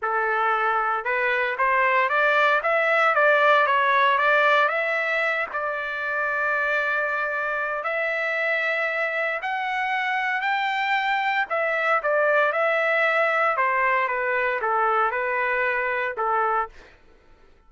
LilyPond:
\new Staff \with { instrumentName = "trumpet" } { \time 4/4 \tempo 4 = 115 a'2 b'4 c''4 | d''4 e''4 d''4 cis''4 | d''4 e''4. d''4.~ | d''2. e''4~ |
e''2 fis''2 | g''2 e''4 d''4 | e''2 c''4 b'4 | a'4 b'2 a'4 | }